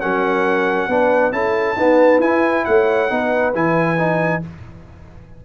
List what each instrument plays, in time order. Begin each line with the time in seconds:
0.00 tuba F#3, trombone C#4, horn A#4, trumpet F#5
0.88 tuba B3, trombone D4, horn B4
1.32 tuba C#4, trombone E4, horn A4, trumpet A5
1.76 trombone B3, tuba D#4, horn B4
2.19 tuba E4, trombone E4, trumpet G#5
2.65 tuba A3, horn C#5, trumpet F#5
3.09 tuba B3, trombone D#4, horn B4
3.55 tuba E3, trombone E4, trumpet G#5
3.97 trombone D#4